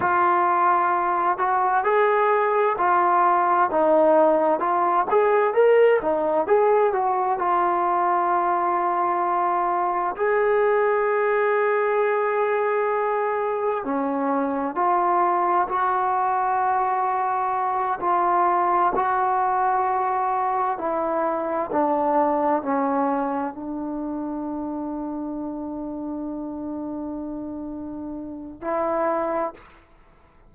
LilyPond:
\new Staff \with { instrumentName = "trombone" } { \time 4/4 \tempo 4 = 65 f'4. fis'8 gis'4 f'4 | dis'4 f'8 gis'8 ais'8 dis'8 gis'8 fis'8 | f'2. gis'4~ | gis'2. cis'4 |
f'4 fis'2~ fis'8 f'8~ | f'8 fis'2 e'4 d'8~ | d'8 cis'4 d'2~ d'8~ | d'2. e'4 | }